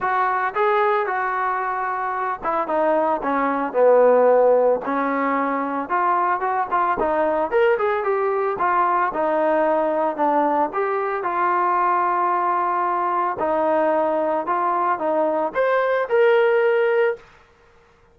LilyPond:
\new Staff \with { instrumentName = "trombone" } { \time 4/4 \tempo 4 = 112 fis'4 gis'4 fis'2~ | fis'8 e'8 dis'4 cis'4 b4~ | b4 cis'2 f'4 | fis'8 f'8 dis'4 ais'8 gis'8 g'4 |
f'4 dis'2 d'4 | g'4 f'2.~ | f'4 dis'2 f'4 | dis'4 c''4 ais'2 | }